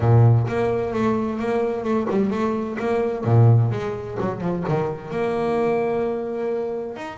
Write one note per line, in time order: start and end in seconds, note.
0.00 0.46 A#2
0.48 0.93 A#3
0.93 1.39 A3
1.39 1.84 A#3
1.84 2.07 A3
2.09 2.30 G3
2.30 2.77 A3
2.79 3.24 A#3
3.24 3.71 A#2
3.71 4.17 G#3
4.20 4.41 F#3
4.41 4.64 F3
4.68 5.11 D#3
5.11 6.96 A#3
6.96 7.17 D#4